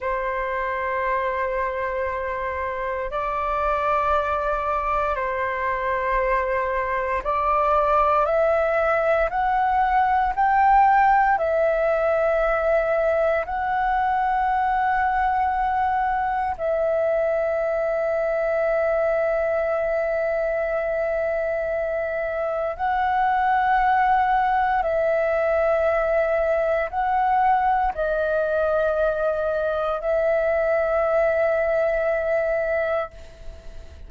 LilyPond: \new Staff \with { instrumentName = "flute" } { \time 4/4 \tempo 4 = 58 c''2. d''4~ | d''4 c''2 d''4 | e''4 fis''4 g''4 e''4~ | e''4 fis''2. |
e''1~ | e''2 fis''2 | e''2 fis''4 dis''4~ | dis''4 e''2. | }